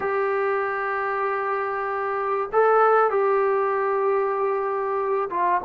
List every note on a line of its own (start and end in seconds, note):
0.00 2.49 G4
2.52 3.10 A4
3.10 5.29 G4
5.30 5.61 F4